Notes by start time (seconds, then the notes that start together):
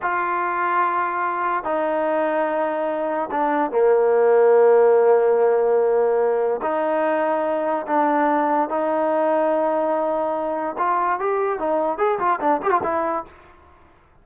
0.02 F4
1.64 D#4
3.31 D4
3.71 A#3
6.62 D#4
7.86 D4
8.69 D#4
10.78 F4
11.19 G4
11.59 D#4
11.98 G#4
12.19 F4
12.40 D4
12.62 G4
12.70 F4
12.83 E4